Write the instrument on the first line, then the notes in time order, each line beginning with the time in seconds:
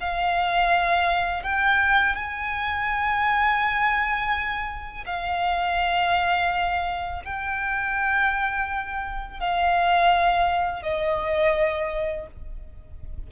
violin
0.00 F5
1.43 G5
2.15 G#5
5.06 F5
7.25 G5
9.40 F5
10.82 D#5